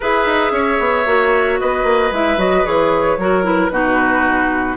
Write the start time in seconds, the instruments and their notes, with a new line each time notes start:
0.00 bassoon E4, clarinet G#4, oboe B4, flute E5
0.25 bassoon D#4
0.51 bassoon C#4, oboe C#5
0.79 bassoon B3
1.05 bassoon A#3, clarinet F#4
1.59 bassoon B3, oboe B4, flute D#5
1.83 bassoon A#3
2.11 bassoon G#3, clarinet E4, flute E5
2.37 bassoon F#3, clarinet F#4, flute D#5
2.64 bassoon E3, clarinet G#4, flute C#5
3.17 bassoon F#3, clarinet F#4, oboe A#4
3.43 clarinet E4, flute B4
3.69 bassoon B2, clarinet D#4, oboe F#4